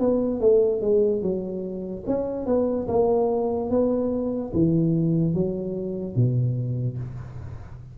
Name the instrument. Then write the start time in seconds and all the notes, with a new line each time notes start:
tuba
0.00 B3
0.40 A3
0.81 G#3
1.22 F#3
2.07 C#4
2.46 B3
2.88 A#3
3.70 B3
4.53 E3
5.34 F#3
6.16 B2